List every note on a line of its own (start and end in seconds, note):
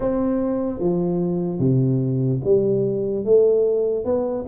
0.00 0.79 C4
0.79 1.59 F3
1.59 2.40 C3
2.44 3.24 G3
3.24 4.04 A3
4.04 4.45 B3